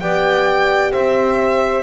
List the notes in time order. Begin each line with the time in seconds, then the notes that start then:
0.00 B3 G4 D5 G5
0.92 C4 C5 E5